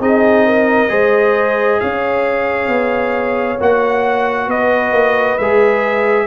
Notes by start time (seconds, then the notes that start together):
0.00 C4 D#4 G#4 D#5
0.46 A#4
0.88 G#3 G#4 C5
1.80 C#4 C#5 F5
2.69 B3
3.60 A#3 F#4 F#5
4.48 B3 B4 D#5
4.93 A#3
5.38 G#3 G#4 E5